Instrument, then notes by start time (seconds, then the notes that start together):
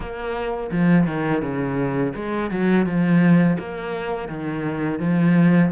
cello
0.00 A#3
0.71 F3
1.06 D#3
1.42 C#3
2.15 G#3
2.50 F#3
2.85 F3
3.58 A#3
4.28 D#3
4.99 F3